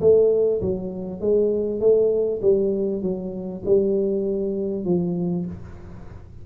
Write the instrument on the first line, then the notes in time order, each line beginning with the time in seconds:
tuba
0.00 A3
0.61 F#3
1.20 G#3
1.80 A3
2.41 G3
3.02 F#3
3.65 G3
4.85 F3